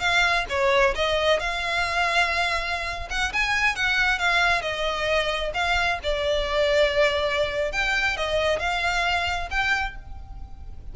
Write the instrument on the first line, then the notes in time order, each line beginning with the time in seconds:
violin
0.00 F5
0.49 C#5
0.95 D#5
1.39 F5
3.10 F#5
3.33 G#5
3.75 F#5
4.19 F5
4.61 D#5
5.54 F5
6.03 D5
7.72 G5
8.17 D#5
8.59 F5
9.50 G5